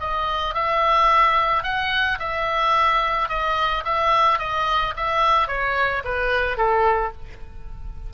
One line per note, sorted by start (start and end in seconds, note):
0.00 0.54 D#5
0.54 1.63 E5
1.63 2.18 F#5
2.19 3.29 E5
3.29 3.84 D#5
3.85 4.39 E5
4.39 4.94 D#5
4.96 5.48 E5
5.48 6.03 C#5
6.04 6.57 B4
6.57 7.12 A4